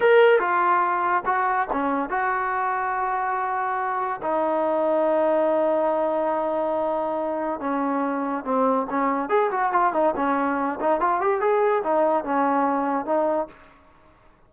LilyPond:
\new Staff \with { instrumentName = "trombone" } { \time 4/4 \tempo 4 = 142 ais'4 f'2 fis'4 | cis'4 fis'2.~ | fis'2 dis'2~ | dis'1~ |
dis'2 cis'2 | c'4 cis'4 gis'8 fis'8 f'8 dis'8 | cis'4. dis'8 f'8 g'8 gis'4 | dis'4 cis'2 dis'4 | }